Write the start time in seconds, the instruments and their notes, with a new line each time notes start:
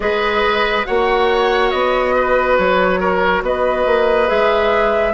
0.00 bassoon G#3, clarinet G#4, oboe B4, flute D#5
0.85 bassoon A#3, clarinet F#4, oboe C#5, flute F#5
1.70 bassoon B3, flute D#5
2.15 oboe B4
2.56 bassoon F#3, flute C#5
2.99 oboe A#4
3.42 bassoon B3, oboe B4, flute D#5
3.85 bassoon A#3
4.27 bassoon G#3, clarinet G#4, flute E5